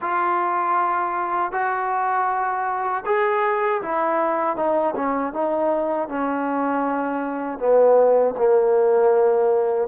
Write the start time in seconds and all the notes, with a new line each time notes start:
0.01 F4
1.52 F#4
3.06 G#4
3.81 E4
4.56 D#4
4.95 C#4
5.33 D#4
6.08 C#4
7.58 B3
8.37 A#3